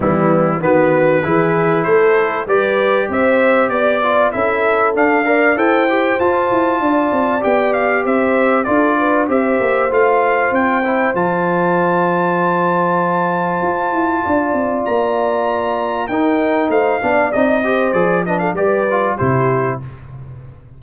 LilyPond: <<
  \new Staff \with { instrumentName = "trumpet" } { \time 4/4 \tempo 4 = 97 e'4 b'2 c''4 | d''4 e''4 d''4 e''4 | f''4 g''4 a''2 | g''8 f''8 e''4 d''4 e''4 |
f''4 g''4 a''2~ | a''1 | ais''2 g''4 f''4 | dis''4 d''8 dis''16 f''16 d''4 c''4 | }
  \new Staff \with { instrumentName = "horn" } { \time 4/4 b4 fis'4 gis'4 a'4 | b'4 c''4 d''4 a'4~ | a'8 d''8 c''2 d''4~ | d''4 c''4 a'8 b'8 c''4~ |
c''1~ | c''2. d''4~ | d''2 ais'4 c''8 d''8~ | d''8 c''4 b'16 a'16 b'4 g'4 | }
  \new Staff \with { instrumentName = "trombone" } { \time 4/4 g4 b4 e'2 | g'2~ g'8 f'8 e'4 | d'8 ais'8 a'8 g'8 f'2 | g'2 f'4 g'4 |
f'4. e'8 f'2~ | f'1~ | f'2 dis'4. d'8 | dis'8 g'8 gis'8 d'8 g'8 f'8 e'4 | }
  \new Staff \with { instrumentName = "tuba" } { \time 4/4 e4 dis4 e4 a4 | g4 c'4 b4 cis'4 | d'4 e'4 f'8 e'8 d'8 c'8 | b4 c'4 d'4 c'8 ais8 |
a4 c'4 f2~ | f2 f'8 e'8 d'8 c'8 | ais2 dis'4 a8 b8 | c'4 f4 g4 c4 | }
>>